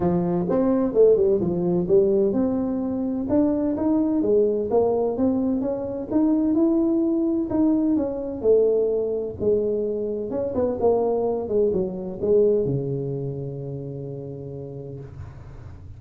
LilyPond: \new Staff \with { instrumentName = "tuba" } { \time 4/4 \tempo 4 = 128 f4 c'4 a8 g8 f4 | g4 c'2 d'4 | dis'4 gis4 ais4 c'4 | cis'4 dis'4 e'2 |
dis'4 cis'4 a2 | gis2 cis'8 b8 ais4~ | ais8 gis8 fis4 gis4 cis4~ | cis1 | }